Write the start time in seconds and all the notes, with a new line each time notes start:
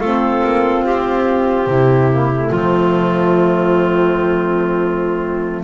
0.00 A3 C4 F4 A4
0.44 A#3
0.84 C4 G4
1.66 C3 E4
2.11 A#3
2.32 A3
2.49 F3 C4 F4